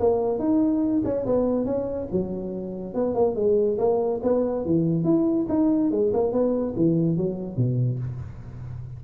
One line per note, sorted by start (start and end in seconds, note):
0.00 0.39 A#3
0.39 1.03 D#4
1.05 1.26 C#4
1.26 1.66 B3
1.66 2.08 C#4
2.12 2.94 F#3
2.94 3.15 B3
3.15 3.36 A#3
3.36 3.78 G#3
3.79 4.21 A#3
4.23 4.66 B3
4.66 5.05 E3
5.05 5.47 E4
5.49 5.91 D#4
5.91 6.12 G#3
6.14 6.32 A#3
6.32 6.75 B3
6.77 7.17 E3
7.17 7.57 F#3
7.57 7.99 B2